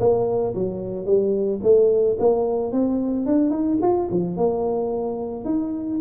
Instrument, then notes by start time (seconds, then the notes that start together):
tuba
0.00 A#3
0.55 F#3
1.06 G3
1.63 A3
2.20 A#3
2.72 C4
3.27 D4
3.51 D#4
3.82 F4
4.11 F3
4.37 A#3
5.45 D#4